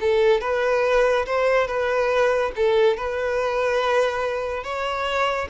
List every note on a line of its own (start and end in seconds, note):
0.00 0.41 A4
0.41 1.25 B4
1.26 1.67 C5
1.67 2.52 B4
2.56 2.97 A4
2.97 4.63 B4
4.63 5.48 C#5